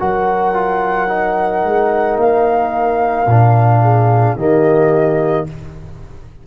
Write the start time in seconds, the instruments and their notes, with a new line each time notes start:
0.00 tuba F#3, trombone F#4, horn A#4, flute F#5
0.54 trombone F4
1.08 trombone D#4
1.64 tuba G#3
2.17 tuba A#3, flute F5
3.27 tuba A#2, trombone D4
3.82 horn G#4
4.36 tuba D#3, trombone A#3, horn G4, flute D#5